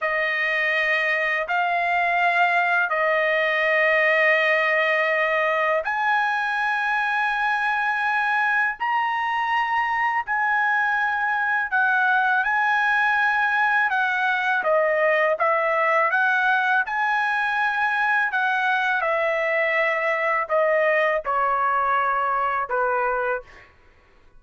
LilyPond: \new Staff \with { instrumentName = "trumpet" } { \time 4/4 \tempo 4 = 82 dis''2 f''2 | dis''1 | gis''1 | ais''2 gis''2 |
fis''4 gis''2 fis''4 | dis''4 e''4 fis''4 gis''4~ | gis''4 fis''4 e''2 | dis''4 cis''2 b'4 | }